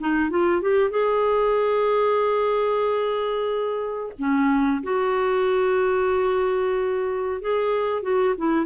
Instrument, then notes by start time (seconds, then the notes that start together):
clarinet
0.00 D#4
0.30 F4
0.62 G4
0.90 G#4
4.18 C#4
4.83 F#4
7.41 G#4
8.02 F#4
8.38 E4